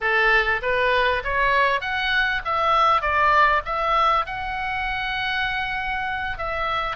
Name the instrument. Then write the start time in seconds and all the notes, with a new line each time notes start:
oboe
0.00 A4
0.62 B4
1.23 C#5
1.80 F#5
2.44 E5
3.01 D5
3.65 E5
4.26 F#5
6.37 E5